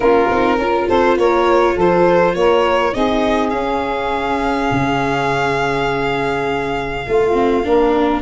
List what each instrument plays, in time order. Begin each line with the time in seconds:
0.00 tuba A#3, viola C#4, saxophone F4, violin A#4
0.30 tuba C4, viola D#4
0.57 tuba C#4, viola F4, saxophone A#4
0.87 tuba C4, saxophone A4, violin C5
1.17 tuba A#3, saxophone A#4, violin C#5
1.74 tuba F3, saxophone A4, violin C5
2.35 tuba A#3, saxophone A#4, violin C#5
2.92 tuba C4, viola D#4, saxophone G#4, violin D#5
3.50 viola C#4, tuba C#4, violin F5
4.71 tuba C#3
7.06 tuba A3, saxophone F4, viola F4
7.32 viola C4
7.64 tuba A#3, viola D4, saxophone A#4